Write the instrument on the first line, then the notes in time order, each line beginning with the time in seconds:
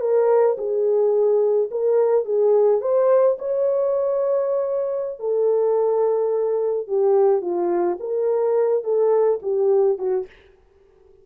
horn
0.00 A#4
0.57 G#4
1.71 A#4
2.25 G#4
2.81 C5
3.38 C#5
5.19 A4
6.87 G4
7.41 F4
7.99 A#4
8.83 A4
9.42 G4
9.98 F#4